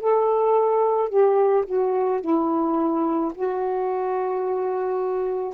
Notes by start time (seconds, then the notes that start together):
0.00 A4
1.09 G4
1.66 F#4
2.21 E4
3.34 F#4